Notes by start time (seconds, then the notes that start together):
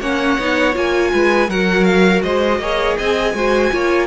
0.00 A#3 C#4 C#5 F#5
0.38 B3 D#4
0.73 A#3 F4 G#5
1.12 G#3 B4
1.48 F#3 F#4 A#4 F#5
1.84 F5
2.22 G#3 C5 D#5
2.59 A#3 G#4 C#5
2.97 C4 D#5 G#5
3.33 G#3 F#4 C5
3.71 A#3 F4 C#5